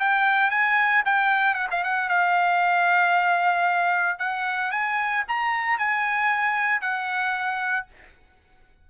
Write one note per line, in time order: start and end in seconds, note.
0.00 0.51 G5
0.51 1.04 G#5
1.06 1.55 G5
1.55 1.68 F#5
1.71 1.84 F5
1.84 2.09 F#5
2.09 4.19 F5
4.19 4.72 F#5
4.72 5.24 G#5
5.28 5.79 A#5
5.79 6.82 G#5
6.82 7.87 F#5